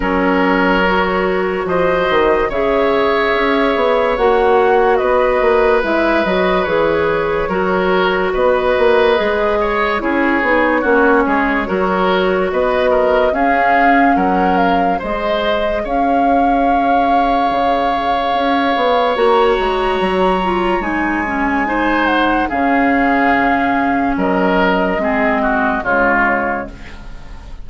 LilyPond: <<
  \new Staff \with { instrumentName = "flute" } { \time 4/4 \tempo 4 = 72 cis''2 dis''4 e''4~ | e''4 fis''4 dis''4 e''8 dis''8 | cis''2 dis''2 | cis''2. dis''4 |
f''4 fis''8 f''8 dis''4 f''4~ | f''2. ais''4~ | ais''4 gis''4. fis''8 f''4~ | f''4 dis''2 cis''4 | }
  \new Staff \with { instrumentName = "oboe" } { \time 4/4 ais'2 c''4 cis''4~ | cis''2 b'2~ | b'4 ais'4 b'4. cis''8 | gis'4 fis'8 gis'8 ais'4 b'8 ais'8 |
gis'4 ais'4 c''4 cis''4~ | cis''1~ | cis''2 c''4 gis'4~ | gis'4 ais'4 gis'8 fis'8 f'4 | }
  \new Staff \with { instrumentName = "clarinet" } { \time 4/4 cis'4 fis'2 gis'4~ | gis'4 fis'2 e'8 fis'8 | gis'4 fis'2 gis'4 | e'8 dis'8 cis'4 fis'2 |
cis'2 gis'2~ | gis'2. fis'4~ | fis'8 f'8 dis'8 cis'8 dis'4 cis'4~ | cis'2 c'4 gis4 | }
  \new Staff \with { instrumentName = "bassoon" } { \time 4/4 fis2 f8 dis8 cis4 | cis'8 b8 ais4 b8 ais8 gis8 fis8 | e4 fis4 b8 ais8 gis4 | cis'8 b8 ais8 gis8 fis4 b4 |
cis'4 fis4 gis4 cis'4~ | cis'4 cis4 cis'8 b8 ais8 gis8 | fis4 gis2 cis4~ | cis4 fis4 gis4 cis4 | }
>>